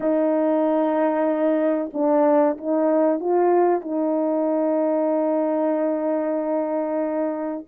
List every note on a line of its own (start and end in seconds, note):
0.00 1.90 D#4
1.93 2.57 D4
2.57 3.19 D#4
3.19 3.81 F4
3.81 7.64 D#4